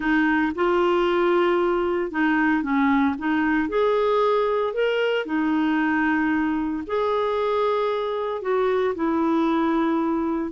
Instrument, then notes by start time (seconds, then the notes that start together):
clarinet
0.00 D#4
0.55 F4
2.11 D#4
2.62 C#4
3.18 D#4
3.68 G#4
4.73 A#4
5.25 D#4
6.87 G#4
8.41 F#4
8.95 E4